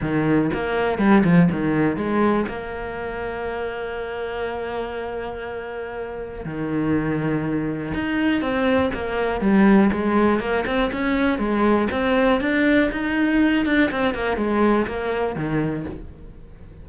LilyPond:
\new Staff \with { instrumentName = "cello" } { \time 4/4 \tempo 4 = 121 dis4 ais4 g8 f8 dis4 | gis4 ais2.~ | ais1~ | ais4 dis2. |
dis'4 c'4 ais4 g4 | gis4 ais8 c'8 cis'4 gis4 | c'4 d'4 dis'4. d'8 | c'8 ais8 gis4 ais4 dis4 | }